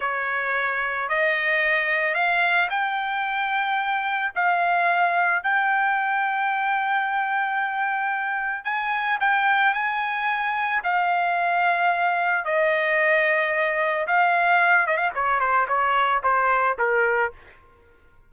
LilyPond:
\new Staff \with { instrumentName = "trumpet" } { \time 4/4 \tempo 4 = 111 cis''2 dis''2 | f''4 g''2. | f''2 g''2~ | g''1 |
gis''4 g''4 gis''2 | f''2. dis''4~ | dis''2 f''4. dis''16 f''16 | cis''8 c''8 cis''4 c''4 ais'4 | }